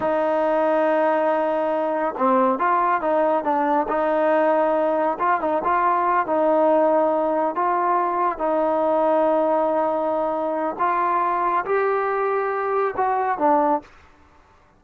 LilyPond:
\new Staff \with { instrumentName = "trombone" } { \time 4/4 \tempo 4 = 139 dis'1~ | dis'4 c'4 f'4 dis'4 | d'4 dis'2. | f'8 dis'8 f'4. dis'4.~ |
dis'4. f'2 dis'8~ | dis'1~ | dis'4 f'2 g'4~ | g'2 fis'4 d'4 | }